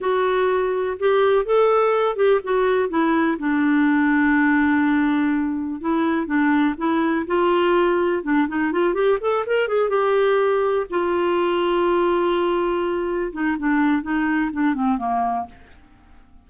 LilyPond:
\new Staff \with { instrumentName = "clarinet" } { \time 4/4 \tempo 4 = 124 fis'2 g'4 a'4~ | a'8 g'8 fis'4 e'4 d'4~ | d'1 | e'4 d'4 e'4 f'4~ |
f'4 d'8 dis'8 f'8 g'8 a'8 ais'8 | gis'8 g'2 f'4.~ | f'2.~ f'8 dis'8 | d'4 dis'4 d'8 c'8 ais4 | }